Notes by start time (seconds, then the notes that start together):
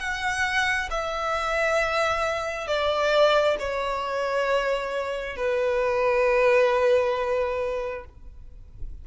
0.00 F#5
0.90 E5
2.67 D5
3.59 C#5
5.36 B4